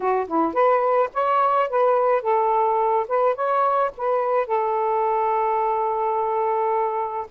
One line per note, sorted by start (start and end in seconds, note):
0.00 0.27 F#4
0.27 0.53 E4
0.53 1.09 B4
1.13 1.69 C#5
1.69 2.22 B4
2.22 3.06 A4
3.07 3.35 B4
3.35 3.91 C#5
3.97 4.46 B4
4.46 7.27 A4